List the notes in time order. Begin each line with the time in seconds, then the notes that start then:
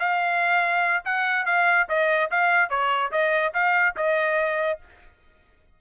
0.00 F5
1.05 F#5
1.46 F5
1.89 D#5
2.31 F5
2.70 C#5
3.12 D#5
3.54 F5
3.97 D#5